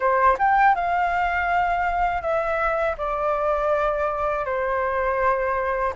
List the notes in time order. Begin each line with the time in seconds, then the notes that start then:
0.00 C5
0.38 G5
0.75 F5
2.21 E5
2.97 D5
4.45 C5